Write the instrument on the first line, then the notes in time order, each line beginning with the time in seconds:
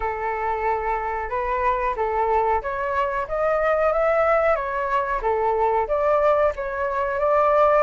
flute
0.00 A4
1.29 B4
1.96 A4
2.61 C#5
3.28 D#5
3.92 E5
4.55 C#5
5.22 A4
5.87 D5
6.55 C#5
7.19 D5